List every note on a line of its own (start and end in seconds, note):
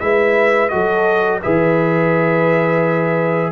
0.00 0.72 G#3
0.00 0.70 E4
0.00 0.72 B4
0.00 0.69 E5
0.69 1.44 F#3
0.69 1.41 F#4
0.69 1.41 A4
0.69 1.40 D#5
1.41 3.52 E3
1.41 3.52 G#4
1.41 3.52 B4
1.41 3.52 E5